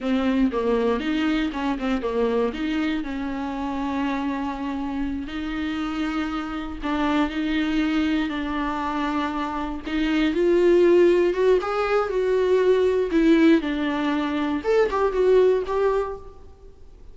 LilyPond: \new Staff \with { instrumentName = "viola" } { \time 4/4 \tempo 4 = 119 c'4 ais4 dis'4 cis'8 c'8 | ais4 dis'4 cis'2~ | cis'2~ cis'8 dis'4.~ | dis'4. d'4 dis'4.~ |
dis'8 d'2. dis'8~ | dis'8 f'2 fis'8 gis'4 | fis'2 e'4 d'4~ | d'4 a'8 g'8 fis'4 g'4 | }